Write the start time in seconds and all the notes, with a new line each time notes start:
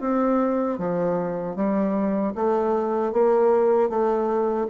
0.00 C4
0.78 F3
1.55 G3
2.34 A3
3.12 A#3
3.89 A3